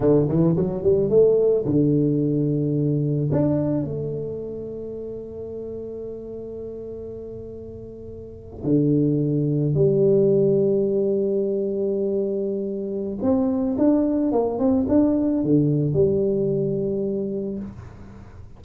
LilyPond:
\new Staff \with { instrumentName = "tuba" } { \time 4/4 \tempo 4 = 109 d8 e8 fis8 g8 a4 d4~ | d2 d'4 a4~ | a1~ | a2.~ a8. d16~ |
d4.~ d16 g2~ g16~ | g1 | c'4 d'4 ais8 c'8 d'4 | d4 g2. | }